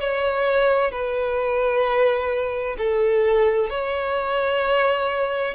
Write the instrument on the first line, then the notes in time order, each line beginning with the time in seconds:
violin
0.00 C#5
0.91 B4
2.78 A4
3.70 C#5